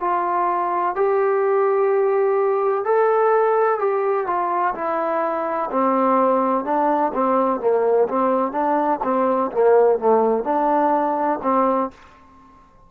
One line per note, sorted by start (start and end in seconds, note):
0.00 0.95 F4
0.95 2.84 G4
2.84 3.79 A4
3.79 4.26 G4
4.26 4.74 F4
4.74 5.70 E4
5.71 6.65 C4
6.65 7.12 D4
7.13 7.60 C4
7.60 8.08 A#3
8.08 8.52 C4
8.52 8.99 D4
9.03 9.51 C4
9.51 9.99 A#3
9.99 10.44 A3
10.44 11.39 D4
11.42 11.90 C4